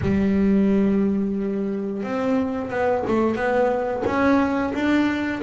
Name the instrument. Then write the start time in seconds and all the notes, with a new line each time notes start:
double bass
0.01 G3
2.03 C4
2.70 B3
3.07 A3
3.35 B3
4.05 C#4
4.74 D4